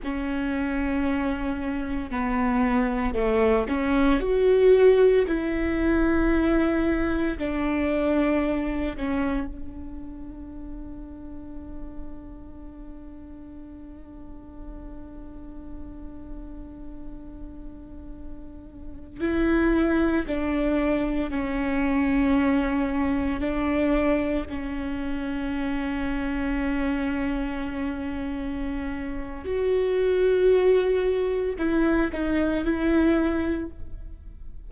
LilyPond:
\new Staff \with { instrumentName = "viola" } { \time 4/4 \tempo 4 = 57 cis'2 b4 a8 cis'8 | fis'4 e'2 d'4~ | d'8 cis'8 d'2.~ | d'1~ |
d'2~ d'16 e'4 d'8.~ | d'16 cis'2 d'4 cis'8.~ | cis'1 | fis'2 e'8 dis'8 e'4 | }